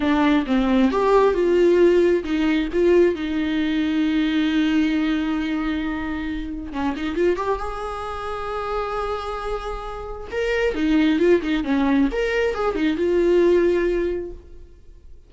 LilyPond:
\new Staff \with { instrumentName = "viola" } { \time 4/4 \tempo 4 = 134 d'4 c'4 g'4 f'4~ | f'4 dis'4 f'4 dis'4~ | dis'1~ | dis'2. cis'8 dis'8 |
f'8 g'8 gis'2.~ | gis'2. ais'4 | dis'4 f'8 dis'8 cis'4 ais'4 | gis'8 dis'8 f'2. | }